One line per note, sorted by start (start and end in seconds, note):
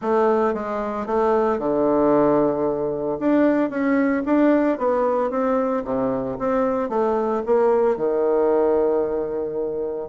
0.01 0.54 A3
0.54 1.06 G#3
1.06 1.59 A3
1.59 3.18 D3
3.19 3.70 D4
3.70 4.23 C#4
4.25 4.78 D4
4.78 5.30 B3
5.30 5.83 C4
5.84 6.37 C3
6.39 6.89 C4
6.89 7.42 A3
7.46 7.96 A#3
7.96 10.08 D#3